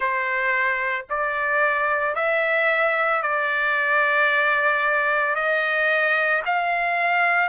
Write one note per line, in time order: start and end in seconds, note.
0.00 1.05 C5
1.09 2.15 D5
2.15 3.22 E5
3.22 5.35 D5
5.35 6.42 D#5
6.45 7.48 F5